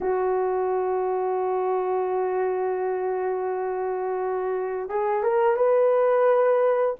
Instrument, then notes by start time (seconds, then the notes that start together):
horn
0.00 F#4
4.89 G#4
5.23 A#4
5.56 B4